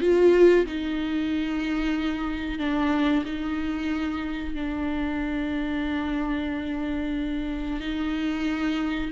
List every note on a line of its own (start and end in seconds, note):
0.00 0.65 F4
0.66 2.58 D#4
2.58 3.24 D4
3.25 4.54 D#4
4.54 7.80 D4
7.80 9.10 D#4